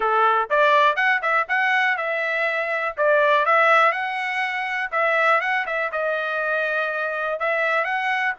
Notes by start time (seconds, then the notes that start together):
0.00 A4
0.50 D5
0.96 F#5
1.22 E5
1.48 F#5
1.97 E5
2.97 D5
3.45 E5
3.91 F#5
4.91 E5
5.41 F#5
5.66 E5
5.92 D#5
7.39 E5
7.84 F#5